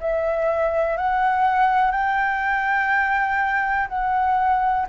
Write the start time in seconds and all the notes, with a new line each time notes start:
0.00 E5
0.97 F#5
1.91 G5
3.89 F#5